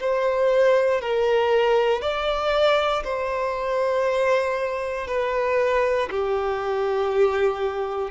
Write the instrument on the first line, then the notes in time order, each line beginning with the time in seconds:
violin
0.00 C5
1.01 A#4
2.02 D5
3.04 C5
5.08 B4
6.11 G4